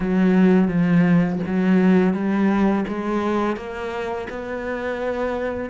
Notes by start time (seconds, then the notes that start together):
0.00 F#3
0.68 F3
1.46 F#3
2.13 G3
2.87 G#3
3.56 A#3
4.29 B3